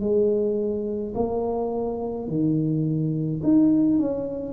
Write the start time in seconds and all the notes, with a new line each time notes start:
0.00 G#3
1.14 A#3
2.27 D#3
3.43 D#4
3.98 C#4